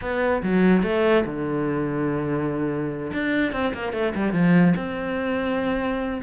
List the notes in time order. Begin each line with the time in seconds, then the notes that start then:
0.01 B3
0.42 F#3
0.83 A3
1.25 D3
3.13 D4
3.52 C4
3.74 A#3
3.92 A3
4.14 G3
4.32 F3
4.76 C4